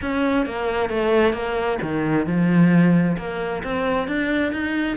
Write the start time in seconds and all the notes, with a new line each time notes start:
0.01 C#4
0.46 A#3
0.89 A3
1.33 A#3
1.81 D#3
2.26 F3
3.17 A#3
3.63 C4
4.07 D4
4.52 D#4